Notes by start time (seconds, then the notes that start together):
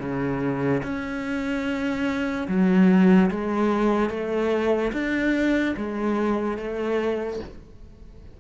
0.00 C#3
0.83 C#4
2.48 F#3
3.31 G#3
4.10 A3
4.93 D4
5.77 G#3
6.58 A3